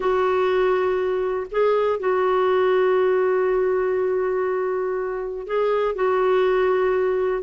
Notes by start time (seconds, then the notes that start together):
0.00 F#4
1.51 G#4
1.99 F#4
5.47 G#4
5.95 F#4